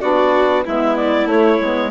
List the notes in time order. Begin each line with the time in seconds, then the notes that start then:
0.00 B3 D4 F#4 D5
0.65 G#3 B3 E4 E5
0.96 D5
1.25 A3 C#5
1.61 G#3 B3